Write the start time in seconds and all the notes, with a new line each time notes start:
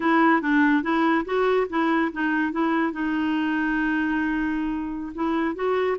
0.00 E4
0.41 D4
0.82 E4
1.25 F#4
1.69 E4
2.12 D#4
2.52 E4
2.92 D#4
5.14 E4
5.55 F#4